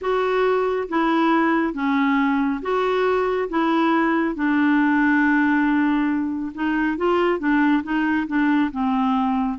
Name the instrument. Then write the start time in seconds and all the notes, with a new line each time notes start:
clarinet
0.01 F#4
0.89 E4
1.74 C#4
2.61 F#4
3.49 E4
4.35 D4
6.54 D#4
6.97 F4
7.39 D4
7.83 D#4
8.27 D4
8.71 C4